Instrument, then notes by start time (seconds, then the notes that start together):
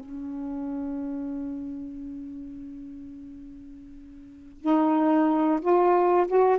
saxophone
0.00 C#4
4.61 D#4
5.61 F4
6.28 F#4